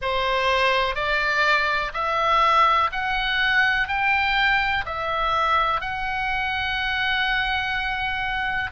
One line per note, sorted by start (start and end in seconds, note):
0.01 0.95 C5
0.95 1.92 D5
1.93 2.90 E5
2.92 3.88 F#5
3.88 4.84 G5
4.85 5.80 E5
5.80 8.71 F#5